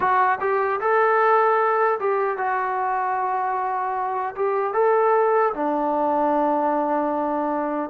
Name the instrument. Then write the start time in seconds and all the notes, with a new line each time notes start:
trombone
0.00 F#4
0.40 G4
0.80 A4
2.00 G4
2.37 F#4
4.35 G4
4.73 A4
5.54 D4